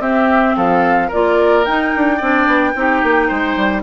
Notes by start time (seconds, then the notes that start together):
0.00 C4 G4 E5
0.56 F3 A4 F5
1.08 A#3 F4 A#4 D5
1.65 D#4 G5
1.96 D4
2.17 C4 D4 D5
2.47 B3
2.75 C4 D#4 G4
3.03 A#3
3.28 G#3 C5
3.56 G3